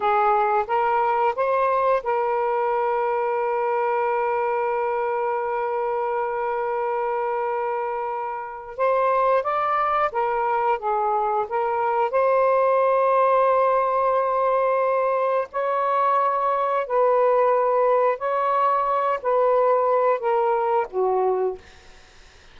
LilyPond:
\new Staff \with { instrumentName = "saxophone" } { \time 4/4 \tempo 4 = 89 gis'4 ais'4 c''4 ais'4~ | ais'1~ | ais'1~ | ais'4 c''4 d''4 ais'4 |
gis'4 ais'4 c''2~ | c''2. cis''4~ | cis''4 b'2 cis''4~ | cis''8 b'4. ais'4 fis'4 | }